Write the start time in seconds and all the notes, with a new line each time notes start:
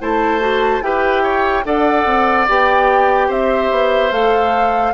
0.00 A3 E4 C5 A5
0.40 F#4
0.81 E4 G4 B4 G5
1.23 C#5
1.65 D4 A4 D5 F#5
2.05 C4
2.49 B3 G4 G5
3.28 C4 C5 E5
3.71 B3
4.12 A3 A4 F5